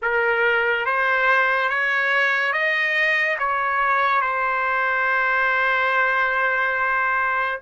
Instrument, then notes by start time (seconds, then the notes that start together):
trumpet
0.02 A#4
0.85 C5
1.69 C#5
2.52 D#5
3.38 C#5
4.21 C5